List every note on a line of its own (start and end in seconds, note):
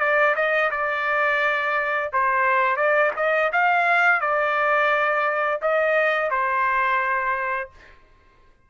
0.00 0.35 D5
0.36 0.70 D#5
0.71 2.11 D5
2.13 2.76 C5
2.76 3.11 D5
3.16 3.51 D#5
3.52 4.21 F5
4.21 5.60 D5
5.62 6.30 D#5
6.30 7.70 C5